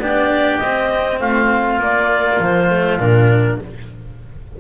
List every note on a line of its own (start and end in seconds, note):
0.00 0.60 B3
0.00 0.61 D4
0.00 1.20 G4
0.00 0.59 D5
0.59 1.21 C4
0.59 1.80 C4
0.59 1.19 D#5
1.20 1.79 A3
1.20 3.60 F4
1.20 1.81 F5
1.79 2.39 A#3
1.79 2.70 A#3
1.79 2.42 D5
2.40 2.99 F3
2.40 2.99 C5
2.70 3.00 A3
2.99 3.59 A#2
2.99 3.60 D4
2.99 3.59 A#4